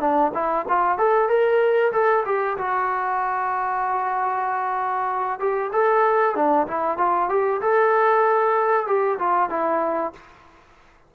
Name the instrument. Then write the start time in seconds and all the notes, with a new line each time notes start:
trombone
0.00 D4
0.34 E4
0.69 F4
0.98 A4
1.29 A#4
1.93 A4
2.26 G4
2.58 F#4
5.40 G4
5.72 A4
6.35 D4
6.67 E4
6.98 F4
7.29 G4
7.62 A4
8.87 G4
9.19 F4
9.50 E4